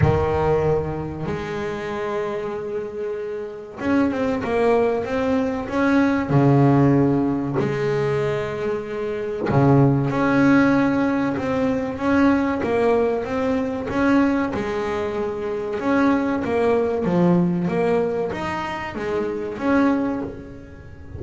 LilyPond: \new Staff \with { instrumentName = "double bass" } { \time 4/4 \tempo 4 = 95 dis2 gis2~ | gis2 cis'8 c'8 ais4 | c'4 cis'4 cis2 | gis2. cis4 |
cis'2 c'4 cis'4 | ais4 c'4 cis'4 gis4~ | gis4 cis'4 ais4 f4 | ais4 dis'4 gis4 cis'4 | }